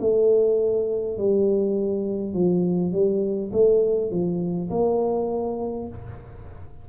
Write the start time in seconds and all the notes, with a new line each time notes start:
0.00 A3
1.18 G3
2.34 F3
2.93 G3
3.52 A3
4.11 F3
4.70 A#3